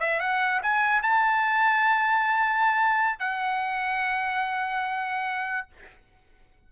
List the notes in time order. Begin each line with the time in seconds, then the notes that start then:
0.00 E5
0.20 F#5
0.62 G#5
1.03 A5
3.19 F#5